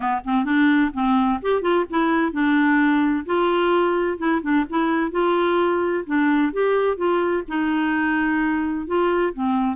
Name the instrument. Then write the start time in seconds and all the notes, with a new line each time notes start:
clarinet
0.00 B3
0.24 C4
0.44 D4
0.93 C4
1.42 G4
1.61 F4
1.90 E4
2.32 D4
3.25 F4
4.18 E4
4.42 D4
4.69 E4
5.11 F4
6.06 D4
6.52 G4
6.96 F4
7.48 D#4
8.86 F4
9.33 C4